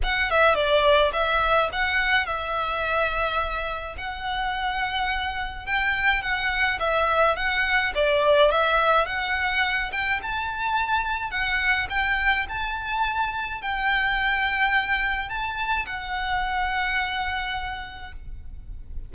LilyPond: \new Staff \with { instrumentName = "violin" } { \time 4/4 \tempo 4 = 106 fis''8 e''8 d''4 e''4 fis''4 | e''2. fis''4~ | fis''2 g''4 fis''4 | e''4 fis''4 d''4 e''4 |
fis''4. g''8 a''2 | fis''4 g''4 a''2 | g''2. a''4 | fis''1 | }